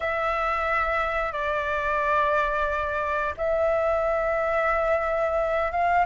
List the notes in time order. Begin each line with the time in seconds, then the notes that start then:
0.00 E5
1.32 D5
3.37 E5
5.71 F5